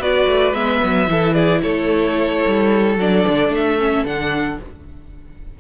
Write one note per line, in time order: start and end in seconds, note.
0.00 0.27 B3
0.00 0.54 F#4
0.00 1.10 B4
0.00 0.54 D5
0.27 0.53 A3
0.53 0.81 G#3
0.53 1.08 B3
0.53 1.34 E5
0.84 1.09 F#3
1.08 1.63 E3
1.08 2.97 E4
1.08 1.35 A4
1.34 1.62 G#4
1.34 1.61 D5
1.62 2.46 A3
1.62 4.59 A4
1.62 2.97 C#5
2.47 2.99 G3
2.99 3.26 F#3
2.99 3.79 D4
2.99 3.54 D5
3.28 3.49 D3
3.49 4.03 A3
3.49 4.06 E5
3.79 4.05 C#4
4.05 4.59 D3
4.05 4.59 D4
4.05 4.60 F#5